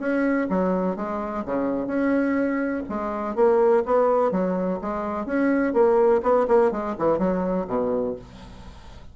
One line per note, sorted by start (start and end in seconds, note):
0.00 0.48 C#4
0.50 0.97 F#3
0.97 1.45 G#3
1.46 1.87 C#3
1.87 2.83 C#4
2.89 3.36 G#3
3.36 3.84 A#3
3.86 4.32 B3
4.32 4.80 F#3
4.82 5.26 G#3
5.26 5.74 C#4
5.74 6.22 A#3
6.23 6.47 B3
6.48 6.72 A#3
6.72 6.96 G#3
6.99 7.19 E3
7.19 7.67 F#3
7.68 8.16 B2